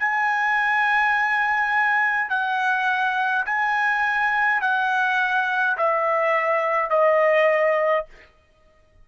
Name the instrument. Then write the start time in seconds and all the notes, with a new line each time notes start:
trumpet
0.00 G#5
2.30 F#5
3.46 G#5
4.62 F#5
5.77 E5
6.91 D#5